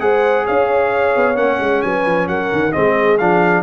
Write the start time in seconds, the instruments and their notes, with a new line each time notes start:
0.00 tuba G#3, trombone G#4, horn C5, trumpet F#5
0.45 tuba C#4, horn C#5, trumpet F5
1.16 tuba B3
1.36 tuba A#3, trombone C#4, trumpet F#5
1.60 tuba G#3
1.82 tuba F#3, horn B4, trumpet G#5
2.06 tuba F3
2.28 tuba F#3, horn A#4, trumpet F#5
2.53 tuba D#3
2.72 tuba G#3, trombone C4, horn G#4, trumpet D#5
3.18 tuba F3, trombone D4, trumpet F5